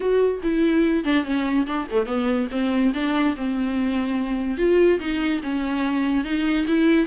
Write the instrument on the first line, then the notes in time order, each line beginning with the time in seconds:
viola
0.00 F#4
0.42 E4
1.04 D4
1.24 C#4
1.66 D4
1.90 A3
2.05 B3
2.51 C4
2.94 D4
3.36 C4
4.57 F4
4.99 D#4
5.42 C#4
6.24 D#4
6.67 E4